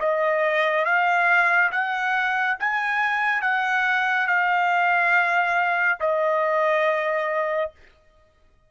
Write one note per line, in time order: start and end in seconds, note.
0.00 0.85 D#5
0.85 1.71 F5
1.71 2.57 F#5
2.60 3.42 G#5
3.42 4.27 F#5
4.27 5.99 F5
6.00 7.71 D#5